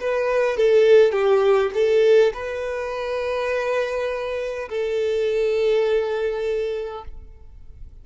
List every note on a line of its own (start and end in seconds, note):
0.00 0.57 B4
0.57 1.12 A4
1.12 1.71 G4
1.74 2.33 A4
2.34 4.69 B4
4.69 7.04 A4